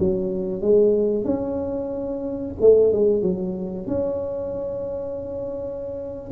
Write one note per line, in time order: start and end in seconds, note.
0.00 0.62 F#3
0.62 1.25 G#3
1.25 2.55 C#4
2.61 2.93 A3
2.93 3.23 G#3
3.23 3.87 F#3
3.87 6.32 C#4